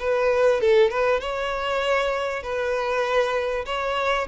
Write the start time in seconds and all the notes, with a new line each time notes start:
0.00 B4
0.61 A4
0.91 B4
1.21 C#5
2.43 B4
3.66 C#5